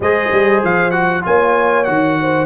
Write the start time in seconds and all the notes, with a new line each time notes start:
0.00 G#3 G#4 C5 D#5
0.31 G3
0.63 F3 F5
0.91 F#4 F#5
1.22 A#3 F4 C#5 G#5
1.84 D#3 F#4 F#5
2.20 C5